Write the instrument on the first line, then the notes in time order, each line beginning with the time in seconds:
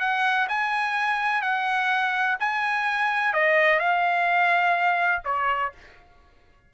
trumpet
0.00 F#5
0.48 G#5
1.42 F#5
2.40 G#5
3.33 D#5
3.79 F5
5.25 C#5